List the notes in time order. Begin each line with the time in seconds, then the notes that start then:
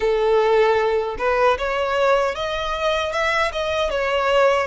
0.00 A4
1.18 B4
1.58 C#5
2.35 D#5
3.12 E5
3.51 D#5
3.90 C#5